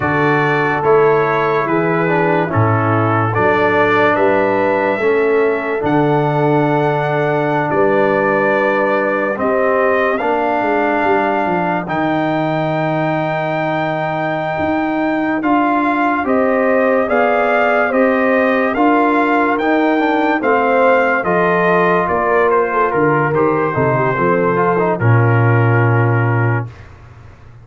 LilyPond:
<<
  \new Staff \with { instrumentName = "trumpet" } { \time 4/4 \tempo 4 = 72 d''4 cis''4 b'4 a'4 | d''4 e''2 fis''4~ | fis''4~ fis''16 d''2 dis''8.~ | dis''16 f''2 g''4.~ g''16~ |
g''2~ g''8 f''4 dis''8~ | dis''8 f''4 dis''4 f''4 g''8~ | g''8 f''4 dis''4 d''8 c''8 ais'8 | c''2 ais'2 | }
  \new Staff \with { instrumentName = "horn" } { \time 4/4 a'2 gis'4 e'4 | a'4 b'4 a'2~ | a'4~ a'16 b'2 g'8.~ | g'16 ais'2.~ ais'8.~ |
ais'2.~ ais'8 c''8~ | c''8 d''4 c''4 ais'4.~ | ais'8 c''4 a'4 ais'8. a'16 ais'8~ | ais'8 a'16 g'16 a'4 f'2 | }
  \new Staff \with { instrumentName = "trombone" } { \time 4/4 fis'4 e'4. d'8 cis'4 | d'2 cis'4 d'4~ | d'2.~ d'16 c'8.~ | c'16 d'2 dis'4.~ dis'16~ |
dis'2~ dis'8 f'4 g'8~ | g'8 gis'4 g'4 f'4 dis'8 | d'8 c'4 f'2~ f'8 | g'8 dis'8 c'8 f'16 dis'16 cis'2 | }
  \new Staff \with { instrumentName = "tuba" } { \time 4/4 d4 a4 e4 a,4 | fis4 g4 a4 d4~ | d4~ d16 g2 c'8.~ | c'16 ais8 gis8 g8 f8 dis4.~ dis16~ |
dis4. dis'4 d'4 c'8~ | c'8 b4 c'4 d'4 dis'8~ | dis'8 a4 f4 ais4 d8 | dis8 c8 f4 ais,2 | }
>>